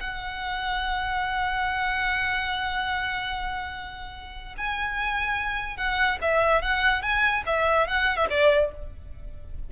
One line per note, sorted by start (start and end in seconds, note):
0.00 4.55 F#5
4.57 5.77 G#5
5.77 6.18 F#5
6.21 6.62 E5
6.62 7.02 F#5
7.02 7.43 G#5
7.46 7.87 E5
7.87 8.16 F#5
8.16 8.27 E5
8.29 8.71 D5